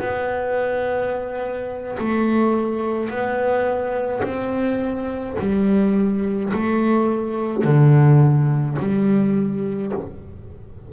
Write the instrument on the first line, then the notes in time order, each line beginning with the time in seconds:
double bass
0.00 B3
1.99 A3
3.10 B3
4.23 C4
5.39 G3
6.53 A3
7.64 D3
8.79 G3